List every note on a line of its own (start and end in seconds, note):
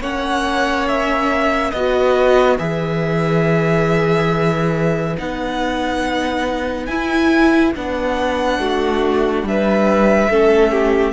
0.00 1.71 A#3
0.00 1.72 C#4
0.00 1.70 C#5
0.00 0.88 F#5
0.88 1.71 E5
1.70 2.58 B3
1.70 2.58 F#4
1.70 8.56 B4
1.70 2.56 D#5
2.58 5.16 E3
2.58 5.15 G#4
2.58 5.16 E5
5.17 6.87 B3
5.17 6.88 D#4
5.17 6.85 F#5
6.85 7.73 E4
6.85 7.74 E4
6.85 7.71 G#5
7.74 8.59 B3
7.74 10.31 D4
7.74 9.47 F#5
8.59 9.43 A3
8.59 9.46 F#4
9.43 10.29 G3
9.43 11.13 E5
9.49 10.30 B4
10.30 11.13 A3
10.30 11.13 C#4
10.30 10.72 A4
10.72 11.13 G4